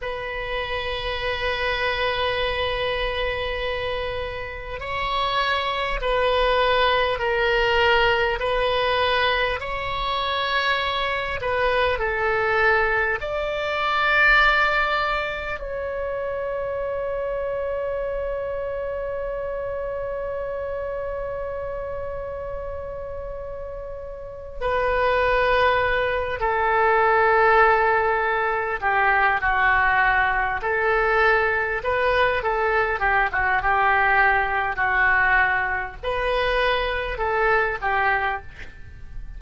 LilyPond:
\new Staff \with { instrumentName = "oboe" } { \time 4/4 \tempo 4 = 50 b'1 | cis''4 b'4 ais'4 b'4 | cis''4. b'8 a'4 d''4~ | d''4 cis''2.~ |
cis''1~ | cis''8 b'4. a'2 | g'8 fis'4 a'4 b'8 a'8 g'16 fis'16 | g'4 fis'4 b'4 a'8 g'8 | }